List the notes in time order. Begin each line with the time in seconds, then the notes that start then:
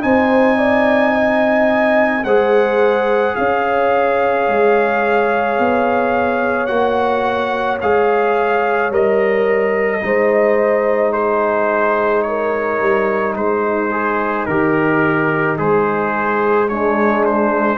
0.00 C4 D#4 C5 G#5
0.57 D5
1.14 D#5
2.24 G#3 G#4 C5 F#5
3.35 C#4 C#5 F5
4.47 G#3
5.58 B3
6.66 A#3 F#4 F#5
7.81 G#3 G#4 F5
8.90 G3 A#4 D#5
10.00 G#3 D#4 C5
11.12 G#4 C5
12.22 A#4 C#5
12.79 G3
13.35 G#3 D#4 C5
13.91 G#4
14.45 D#3 G4 A#4
15.57 G#3 G#4 C5
16.68 G#3 D4 C#5
17.25 C5